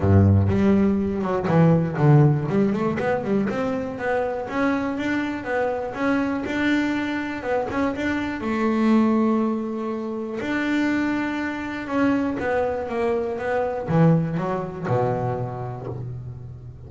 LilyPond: \new Staff \with { instrumentName = "double bass" } { \time 4/4 \tempo 4 = 121 g,4 g4. fis8 e4 | d4 g8 a8 b8 g8 c'4 | b4 cis'4 d'4 b4 | cis'4 d'2 b8 cis'8 |
d'4 a2.~ | a4 d'2. | cis'4 b4 ais4 b4 | e4 fis4 b,2 | }